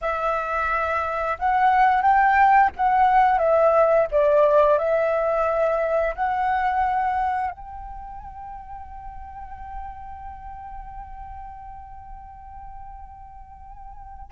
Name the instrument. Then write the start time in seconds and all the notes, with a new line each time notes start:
flute
0.01 E5
1.38 F#5
2.01 G5
2.76 F#5
3.38 E5
4.11 D5
4.78 E5
6.15 F#5
7.51 G5